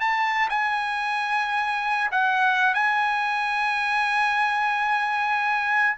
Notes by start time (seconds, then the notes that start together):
0.00 A5
0.49 G#5
2.11 F#5
2.74 G#5